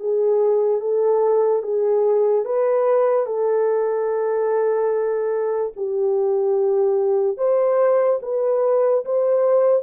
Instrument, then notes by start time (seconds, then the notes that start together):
horn
0.00 G#4
0.81 A4
1.63 G#4
2.45 B4
3.27 A4
5.76 G4
7.38 C5
8.23 B4
9.05 C5